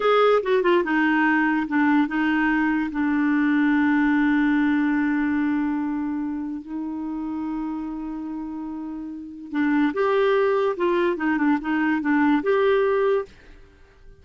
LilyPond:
\new Staff \with { instrumentName = "clarinet" } { \time 4/4 \tempo 4 = 145 gis'4 fis'8 f'8 dis'2 | d'4 dis'2 d'4~ | d'1~ | d'1 |
dis'1~ | dis'2. d'4 | g'2 f'4 dis'8 d'8 | dis'4 d'4 g'2 | }